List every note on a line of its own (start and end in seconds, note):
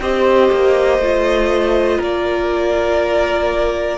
0.00 0.50 C4
0.00 1.01 G4
0.00 1.98 C5
0.00 2.02 D#5
0.51 0.98 A#3
0.98 1.98 A3
0.98 3.98 F4
1.98 3.98 A#3
1.98 3.98 A#4
1.98 3.98 D5